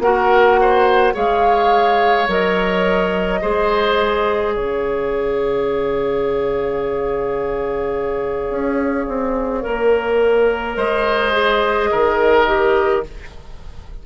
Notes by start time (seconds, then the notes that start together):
0.00 A#3 F#4 A#4 F#5
0.61 C5
1.14 G#3 G#4 C#5 F5
2.28 F#3 A#4 D#5
3.42 G#3 G#4 C5
4.55 C#3 C#5 F5
8.51 C#4
9.08 C4
9.63 A#3 A#4
10.77 G#3 C5 D#5
11.33 G#4
11.92 D#3 A#4
12.47 G4